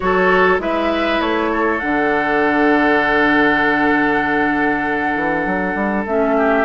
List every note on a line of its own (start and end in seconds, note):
0.00 0.58 F#3
0.00 0.59 F#4
0.00 0.61 A4
0.00 0.59 C#5
0.58 1.19 G#3
0.58 1.80 E4
0.58 1.51 B4
0.58 1.20 E5
1.20 1.80 A3
1.20 1.79 C#5
1.51 6.35 A4
1.79 5.15 D3
1.79 6.06 D4
1.79 6.03 F#5
5.15 5.45 E3
5.45 5.74 F#3
5.74 6.05 G3
6.05 6.65 A3
6.05 6.65 C#4
6.05 6.65 E5
6.37 6.65 G4